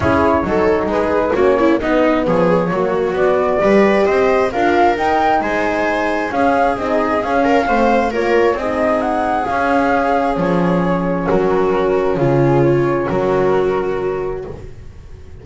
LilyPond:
<<
  \new Staff \with { instrumentName = "flute" } { \time 4/4 \tempo 4 = 133 cis''2 b'4 cis''4 | dis''4 cis''2 d''4~ | d''4 dis''4 f''4 g''4 | gis''2 f''4 dis''4 |
f''2 cis''4 dis''4 | fis''4 f''2 cis''4~ | cis''4 ais'2 gis'4 | cis''4 ais'2. | }
  \new Staff \with { instrumentName = "viola" } { \time 4/4 gis'4 a'4 gis'4 fis'8 e'8 | dis'4 gis'4 fis'2 | b'4 c''4 ais'2 | c''2 gis'2~ |
gis'8 ais'8 c''4 ais'4 gis'4~ | gis'1~ | gis'4 fis'2 f'4~ | f'4 fis'2. | }
  \new Staff \with { instrumentName = "horn" } { \time 4/4 e'4 dis'2 cis'4 | b2 ais4 b4 | g'2 f'4 dis'4~ | dis'2 cis'4 dis'4 |
cis'4 c'4 f'4 dis'4~ | dis'4 cis'2.~ | cis'1~ | cis'1 | }
  \new Staff \with { instrumentName = "double bass" } { \time 4/4 cis'4 fis4 gis4 ais4 | b4 f4 fis4 b4 | g4 c'4 d'4 dis'4 | gis2 cis'4 c'4 |
cis'4 a4 ais4 c'4~ | c'4 cis'2 f4~ | f4 fis2 cis4~ | cis4 fis2. | }
>>